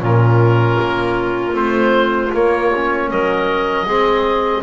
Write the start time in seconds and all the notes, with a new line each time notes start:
0.00 A#2 C#4 F4 A#4
0.80 A#3
1.53 A3 C4 C5
2.33 A#3 C#5
2.75 C#4
3.10 F#3 A#4 D#5
3.86 G#3 C4 G#4